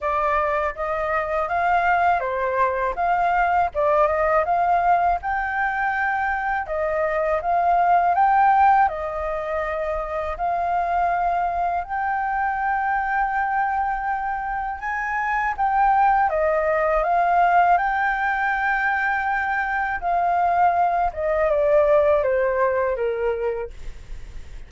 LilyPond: \new Staff \with { instrumentName = "flute" } { \time 4/4 \tempo 4 = 81 d''4 dis''4 f''4 c''4 | f''4 d''8 dis''8 f''4 g''4~ | g''4 dis''4 f''4 g''4 | dis''2 f''2 |
g''1 | gis''4 g''4 dis''4 f''4 | g''2. f''4~ | f''8 dis''8 d''4 c''4 ais'4 | }